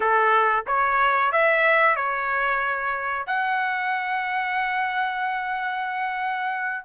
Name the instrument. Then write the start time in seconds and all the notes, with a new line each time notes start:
trumpet
0.00 A4
0.66 C#5
1.32 E5
1.96 C#5
3.26 F#5